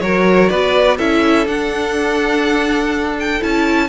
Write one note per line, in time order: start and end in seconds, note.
0.00 0.49 F#3
0.00 0.98 F#4
0.00 0.50 A#4
0.00 0.48 C#5
0.48 0.99 B3
0.48 0.97 B4
0.48 0.97 D5
0.97 1.46 C#4
0.97 1.46 E4
0.97 3.87 A4
0.97 1.46 E5
1.46 3.39 D4
1.46 3.40 D4
1.46 3.16 F#5
3.19 3.42 G5
3.39 3.89 C#4
3.39 3.88 E4
3.39 3.89 A5